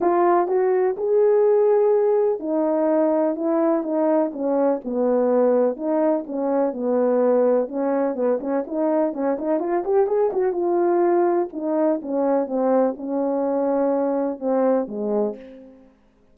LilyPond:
\new Staff \with { instrumentName = "horn" } { \time 4/4 \tempo 4 = 125 f'4 fis'4 gis'2~ | gis'4 dis'2 e'4 | dis'4 cis'4 b2 | dis'4 cis'4 b2 |
cis'4 b8 cis'8 dis'4 cis'8 dis'8 | f'8 g'8 gis'8 fis'8 f'2 | dis'4 cis'4 c'4 cis'4~ | cis'2 c'4 gis4 | }